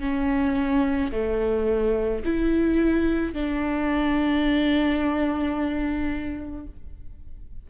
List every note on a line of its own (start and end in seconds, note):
0.00 1.11 C#4
1.12 2.23 A3
2.25 3.33 E4
3.33 6.66 D4